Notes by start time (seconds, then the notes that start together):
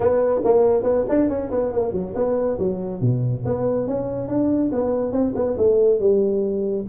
0.00 B3
0.44 A#3
0.83 B3
1.09 D4
1.29 C#4
1.50 B3
1.72 A#3
1.92 F#3
2.14 B3
2.59 F#3
3.00 B2
3.45 B3
3.87 C#4
4.28 D4
4.72 B3
5.12 C4
5.35 B3
5.57 A3
5.99 G3